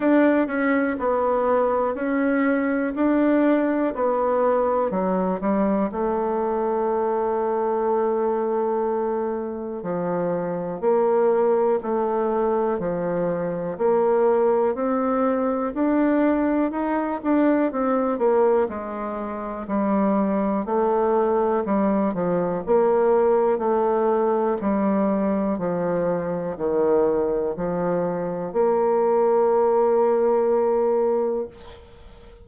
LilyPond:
\new Staff \with { instrumentName = "bassoon" } { \time 4/4 \tempo 4 = 61 d'8 cis'8 b4 cis'4 d'4 | b4 fis8 g8 a2~ | a2 f4 ais4 | a4 f4 ais4 c'4 |
d'4 dis'8 d'8 c'8 ais8 gis4 | g4 a4 g8 f8 ais4 | a4 g4 f4 dis4 | f4 ais2. | }